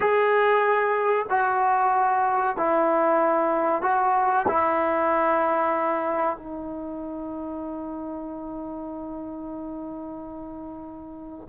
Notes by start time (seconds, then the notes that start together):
0.00 G#4
1.29 F#4
2.56 E4
3.82 F#4
4.48 E4
6.37 D#4